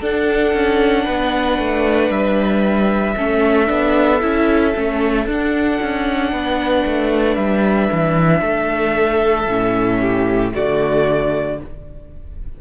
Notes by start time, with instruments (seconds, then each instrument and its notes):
0.00 viola D4, cello D4, violin A4 F#5
0.53 cello C#4
1.04 cello B3, violin B4
1.58 cello A3
2.09 cello G3, violin E5
3.16 cello A3, viola C#4, violin A4
3.67 cello B3, viola D4
4.21 cello C#4, viola E4
4.75 cello A3, viola C#4
5.26 cello D4, viola D4, violin F#5
5.82 cello C#4
6.32 cello B3, violin B4
6.86 cello A3
7.34 cello G3, violin E5
7.92 cello E3
8.41 cello A3, violin A4
9.47 cello A2, viola C#4
10.00 violin G4
10.52 cello D3, viola A3, violin F#4 D5